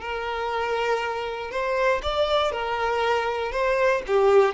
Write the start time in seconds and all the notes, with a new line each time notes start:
0.00 A#4
1.51 C5
2.02 D5
2.51 A#4
3.51 C5
4.07 G4